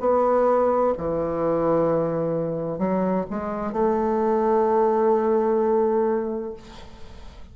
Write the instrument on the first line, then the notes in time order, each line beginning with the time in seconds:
bassoon
0.00 B3
0.97 E3
2.78 F#3
3.30 G#3
3.72 A3